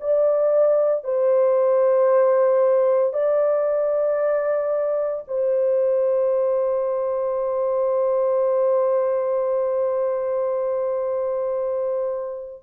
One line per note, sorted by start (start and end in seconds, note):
0.00 1.04 D5
1.04 3.13 C5
3.13 5.23 D5
5.27 12.63 C5